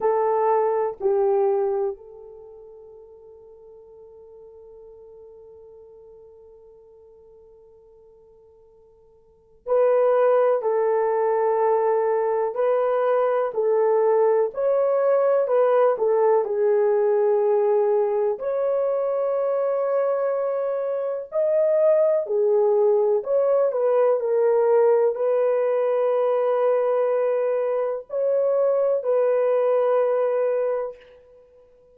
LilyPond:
\new Staff \with { instrumentName = "horn" } { \time 4/4 \tempo 4 = 62 a'4 g'4 a'2~ | a'1~ | a'2 b'4 a'4~ | a'4 b'4 a'4 cis''4 |
b'8 a'8 gis'2 cis''4~ | cis''2 dis''4 gis'4 | cis''8 b'8 ais'4 b'2~ | b'4 cis''4 b'2 | }